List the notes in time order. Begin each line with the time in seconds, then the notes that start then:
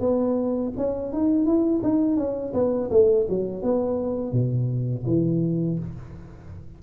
0.00 B3
0.77 C#4
1.12 D#4
1.45 E4
1.83 D#4
2.17 C#4
2.53 B3
2.90 A3
3.29 F#3
3.62 B3
4.32 B2
5.06 E3